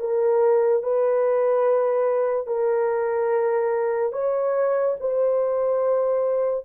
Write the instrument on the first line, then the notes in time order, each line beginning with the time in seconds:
horn
0.00 A#4
0.83 B4
2.47 A#4
4.12 C#5
5.00 C5